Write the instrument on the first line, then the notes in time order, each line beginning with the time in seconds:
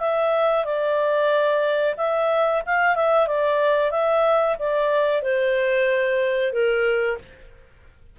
clarinet
0.00 E5
0.65 D5
1.97 E5
2.66 F5
2.96 E5
3.27 D5
3.91 E5
4.59 D5
5.22 C5
6.53 A#4